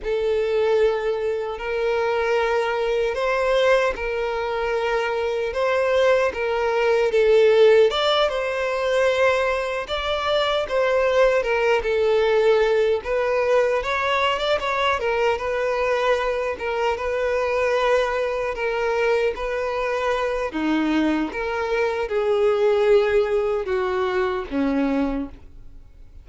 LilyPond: \new Staff \with { instrumentName = "violin" } { \time 4/4 \tempo 4 = 76 a'2 ais'2 | c''4 ais'2 c''4 | ais'4 a'4 d''8 c''4.~ | c''8 d''4 c''4 ais'8 a'4~ |
a'8 b'4 cis''8. d''16 cis''8 ais'8 b'8~ | b'4 ais'8 b'2 ais'8~ | ais'8 b'4. dis'4 ais'4 | gis'2 fis'4 cis'4 | }